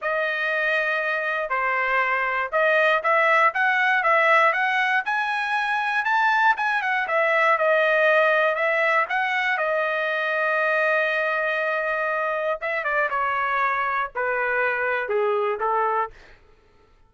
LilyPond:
\new Staff \with { instrumentName = "trumpet" } { \time 4/4 \tempo 4 = 119 dis''2. c''4~ | c''4 dis''4 e''4 fis''4 | e''4 fis''4 gis''2 | a''4 gis''8 fis''8 e''4 dis''4~ |
dis''4 e''4 fis''4 dis''4~ | dis''1~ | dis''4 e''8 d''8 cis''2 | b'2 gis'4 a'4 | }